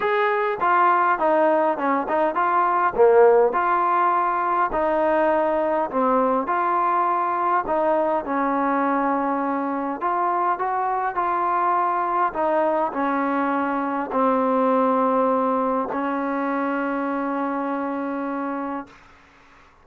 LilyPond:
\new Staff \with { instrumentName = "trombone" } { \time 4/4 \tempo 4 = 102 gis'4 f'4 dis'4 cis'8 dis'8 | f'4 ais4 f'2 | dis'2 c'4 f'4~ | f'4 dis'4 cis'2~ |
cis'4 f'4 fis'4 f'4~ | f'4 dis'4 cis'2 | c'2. cis'4~ | cis'1 | }